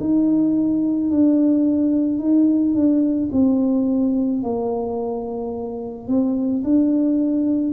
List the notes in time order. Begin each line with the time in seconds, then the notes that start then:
0.00 D#4
1.10 D4
2.19 D#4
2.74 D4
3.32 C4
4.42 A#3
6.08 C4
6.64 D4